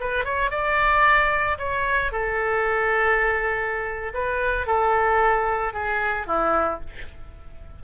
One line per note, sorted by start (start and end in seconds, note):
0.00 0.24 B4
0.24 0.50 C#5
0.50 1.57 D5
1.58 2.11 C#5
2.11 4.12 A4
4.13 4.66 B4
4.66 5.73 A4
5.73 6.26 G#4
6.26 6.80 E4